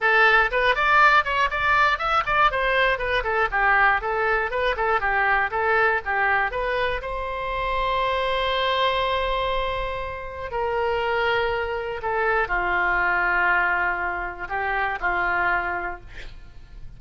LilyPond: \new Staff \with { instrumentName = "oboe" } { \time 4/4 \tempo 4 = 120 a'4 b'8 d''4 cis''8 d''4 | e''8 d''8 c''4 b'8 a'8 g'4 | a'4 b'8 a'8 g'4 a'4 | g'4 b'4 c''2~ |
c''1~ | c''4 ais'2. | a'4 f'2.~ | f'4 g'4 f'2 | }